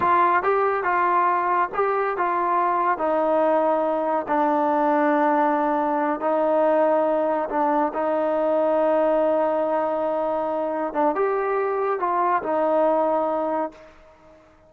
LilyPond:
\new Staff \with { instrumentName = "trombone" } { \time 4/4 \tempo 4 = 140 f'4 g'4 f'2 | g'4 f'2 dis'4~ | dis'2 d'2~ | d'2~ d'8 dis'4.~ |
dis'4. d'4 dis'4.~ | dis'1~ | dis'4. d'8 g'2 | f'4 dis'2. | }